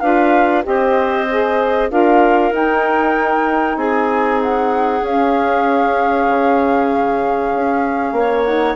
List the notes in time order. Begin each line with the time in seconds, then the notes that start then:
0.00 D4 F4 B4 F5
0.63 C4 G4 C5 D#5
1.31 G#4
1.89 D4 F4 A#4 F5
2.51 D#4 G5
3.76 C4 G#4 G#5
4.43 F#5
5.02 C#4 F5
6.28 C#3
7.54 C#4
8.12 A#3 C#5
8.44 D#4 F#5